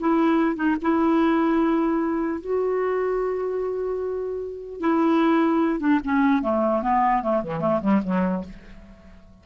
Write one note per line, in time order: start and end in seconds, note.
0.00 0.56 E4
0.56 0.76 D#4
0.82 2.41 E4
2.41 4.80 F#4
4.80 5.80 E4
5.80 6.00 D4
6.04 6.42 C#4
6.42 6.82 A3
6.82 7.22 B3
7.22 7.43 A3
7.43 7.60 E3
7.60 7.80 A3
7.82 8.02 G3
8.04 8.44 F#3